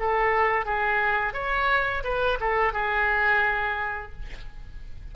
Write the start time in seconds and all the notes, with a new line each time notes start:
0.00 A4
0.66 G#4
1.34 C#5
2.04 B4
2.41 A4
2.73 G#4